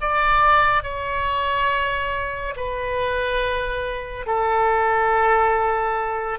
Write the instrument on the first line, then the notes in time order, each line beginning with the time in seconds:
oboe
0.00 D5
0.83 C#5
2.56 B4
4.26 A4